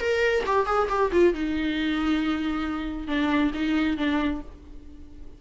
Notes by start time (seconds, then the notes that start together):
0.00 A#4
0.46 G4
0.66 G#4
0.89 G4
1.12 F4
1.34 D#4
3.08 D4
3.54 D#4
3.97 D4